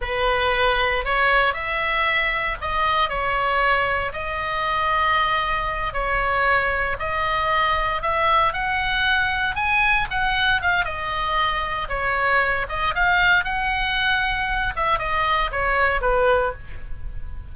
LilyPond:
\new Staff \with { instrumentName = "oboe" } { \time 4/4 \tempo 4 = 116 b'2 cis''4 e''4~ | e''4 dis''4 cis''2 | dis''2.~ dis''8 cis''8~ | cis''4. dis''2 e''8~ |
e''8 fis''2 gis''4 fis''8~ | fis''8 f''8 dis''2 cis''4~ | cis''8 dis''8 f''4 fis''2~ | fis''8 e''8 dis''4 cis''4 b'4 | }